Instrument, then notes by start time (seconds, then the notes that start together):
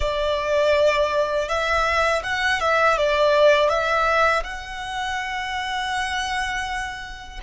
violin
0.00 D5
1.48 E5
2.23 F#5
2.60 E5
2.97 D5
3.69 E5
4.43 F#5